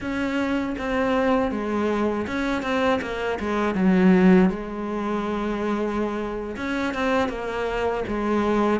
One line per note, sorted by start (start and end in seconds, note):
0.00 0.75 C#4
0.78 1.51 C4
1.51 2.26 G#3
2.26 2.62 C#4
2.62 3.00 C4
3.01 3.39 A#3
3.39 3.74 G#3
3.74 4.49 F#3
4.49 6.56 G#3
6.56 6.93 C#4
6.93 7.29 C4
7.29 8.04 A#3
8.07 8.80 G#3